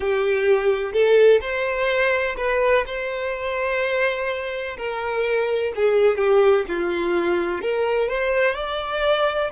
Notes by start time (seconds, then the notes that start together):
0.00 G4
0.93 A4
1.40 C5
2.37 B4
2.86 C5
4.77 A#4
5.75 G#4
6.17 G4
6.68 F4
7.61 A#4
8.09 C5
8.55 D5